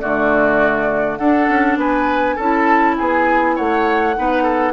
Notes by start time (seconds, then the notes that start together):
0.00 D3 A3 F#4 D5
1.17 D4 A4 F#5
1.49 C#4
1.77 B3 B4 G#5
2.36 C#4 E4 A4 A5
2.97 B3 G#4 G#5
3.56 A3 C#5 F#5
4.16 B3 D#4 B4
4.43 A4